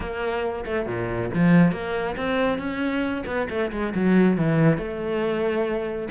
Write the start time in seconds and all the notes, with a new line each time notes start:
0.00 A#3
0.65 A3
0.86 A#2
1.33 F3
1.72 A#3
2.16 C4
2.58 C#4
3.26 B3
3.49 A3
3.71 G#3
3.95 F#3
4.37 E3
4.77 A3